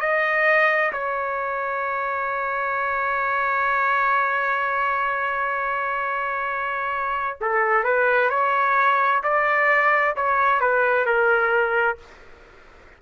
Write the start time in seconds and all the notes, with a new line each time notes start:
0.00 D#5
0.93 C#5
7.41 A4
7.84 B4
8.30 C#5
9.23 D5
10.16 C#5
10.61 B4
11.06 A#4